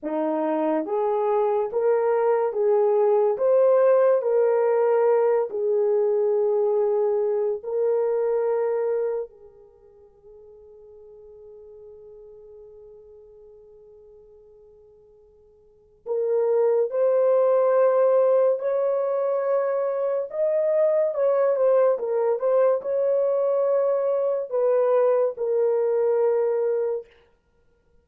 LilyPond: \new Staff \with { instrumentName = "horn" } { \time 4/4 \tempo 4 = 71 dis'4 gis'4 ais'4 gis'4 | c''4 ais'4. gis'4.~ | gis'4 ais'2 gis'4~ | gis'1~ |
gis'2. ais'4 | c''2 cis''2 | dis''4 cis''8 c''8 ais'8 c''8 cis''4~ | cis''4 b'4 ais'2 | }